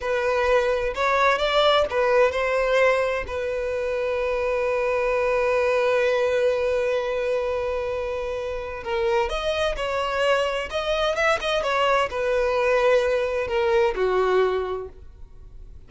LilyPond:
\new Staff \with { instrumentName = "violin" } { \time 4/4 \tempo 4 = 129 b'2 cis''4 d''4 | b'4 c''2 b'4~ | b'1~ | b'1~ |
b'2. ais'4 | dis''4 cis''2 dis''4 | e''8 dis''8 cis''4 b'2~ | b'4 ais'4 fis'2 | }